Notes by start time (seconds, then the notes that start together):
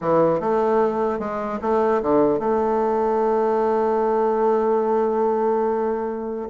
0.01 E3
0.40 A3
1.19 G#3
1.61 A3
2.02 D3
2.39 A3